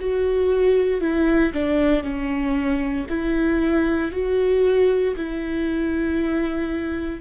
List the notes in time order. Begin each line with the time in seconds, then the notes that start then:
0.00 F#4
1.02 E4
1.54 D4
2.04 C#4
3.09 E4
4.12 F#4
5.17 E4